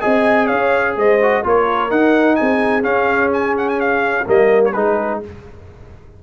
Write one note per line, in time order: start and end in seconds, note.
0.00 0.51 C4
0.00 1.19 G#4
0.00 0.47 D#5
0.00 0.47 G#5
0.47 0.96 C#4
0.47 0.94 C#5
0.47 0.94 F5
0.96 1.44 G#3
0.96 1.42 C5
0.96 1.46 D#5
1.22 1.44 F#4
1.42 1.91 A#3
1.42 1.90 F4
1.42 2.36 A#4
1.42 1.91 C#5
1.90 2.82 D#4
1.90 2.38 D#4
1.90 2.36 F#5
2.36 2.85 C4
2.36 4.28 G#4
2.36 2.83 G#5
2.82 4.24 C#4
2.82 4.26 C#4
2.82 3.31 F5
3.33 3.56 G#5
3.58 3.69 F#5
3.69 3.80 G#5
3.80 4.27 F5
4.26 4.75 G3
4.26 4.73 A#3
4.26 4.75 A#4
4.26 4.64 D#5
4.65 4.73 C#5
4.73 5.22 G#3
4.73 5.23 D#4
4.73 5.23 G#4
4.73 5.20 B4